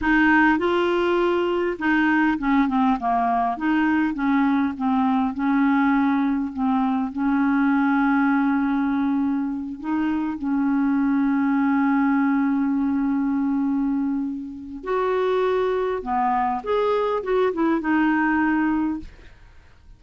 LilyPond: \new Staff \with { instrumentName = "clarinet" } { \time 4/4 \tempo 4 = 101 dis'4 f'2 dis'4 | cis'8 c'8 ais4 dis'4 cis'4 | c'4 cis'2 c'4 | cis'1~ |
cis'8 dis'4 cis'2~ cis'8~ | cis'1~ | cis'4 fis'2 b4 | gis'4 fis'8 e'8 dis'2 | }